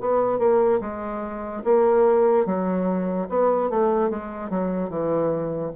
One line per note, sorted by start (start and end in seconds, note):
0.00 0.38 B3
0.38 0.80 A#3
0.80 1.63 G#3
1.64 2.45 A#3
2.45 3.28 F#3
3.28 3.69 B3
3.69 4.09 A3
4.09 4.49 G#3
4.49 4.89 F#3
4.89 5.71 E3